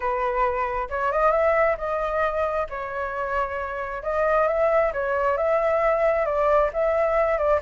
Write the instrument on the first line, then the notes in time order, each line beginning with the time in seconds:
flute
0.00 B4
0.89 C#5
1.12 D#5
1.31 E5
1.77 D#5
2.69 C#5
4.02 D#5
4.47 E5
4.93 C#5
5.37 E5
6.25 D5
6.73 E5
7.37 D5